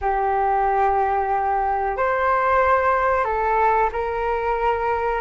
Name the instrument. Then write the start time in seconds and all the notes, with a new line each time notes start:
flute
0.01 G4
1.96 C5
3.24 A4
3.92 A#4